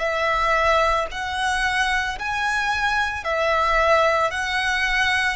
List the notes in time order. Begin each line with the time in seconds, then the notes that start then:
0.00 E5
1.12 F#5
2.19 G#5
3.24 E5
4.31 F#5